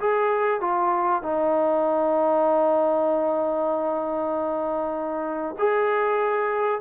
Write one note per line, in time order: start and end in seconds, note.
0.00 0.61 G#4
0.61 1.23 F4
1.23 5.56 D#4
5.59 6.82 G#4